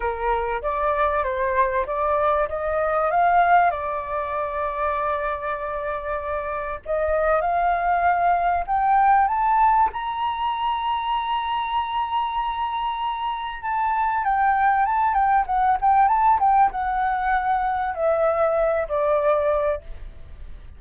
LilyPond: \new Staff \with { instrumentName = "flute" } { \time 4/4 \tempo 4 = 97 ais'4 d''4 c''4 d''4 | dis''4 f''4 d''2~ | d''2. dis''4 | f''2 g''4 a''4 |
ais''1~ | ais''2 a''4 g''4 | a''8 g''8 fis''8 g''8 a''8 g''8 fis''4~ | fis''4 e''4. d''4. | }